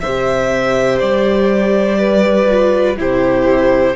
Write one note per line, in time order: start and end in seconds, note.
0.00 1.02 C3
0.00 2.46 G4
0.00 1.99 C5
0.00 0.98 E5
0.99 2.98 G3
0.99 2.96 D5
1.99 2.97 B4
2.46 2.95 F4
2.97 3.95 C3
2.97 3.95 E4
2.97 3.95 G4
2.97 3.95 C5